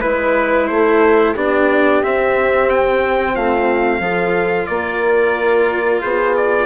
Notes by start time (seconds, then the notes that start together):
0.00 G#3 E4 B4
0.67 A3 A4 C5
1.33 B3 D4 G4 D5
2.03 C4 E5
2.69 G5
3.33 A3 F4 F5
3.99 F3 F4 A4
4.66 A#3 A#4 D5
6.01 B3 G#4 C5
6.36 D5